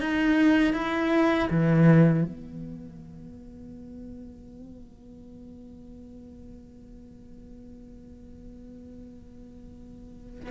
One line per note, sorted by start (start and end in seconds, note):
0.00 0.73 D#4
0.73 1.48 E4
1.50 2.24 E3
2.24 10.49 B3